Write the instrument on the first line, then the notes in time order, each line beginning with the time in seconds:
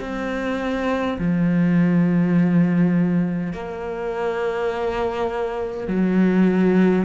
cello
0.00 C4
1.19 F3
3.53 A#3
5.88 F#3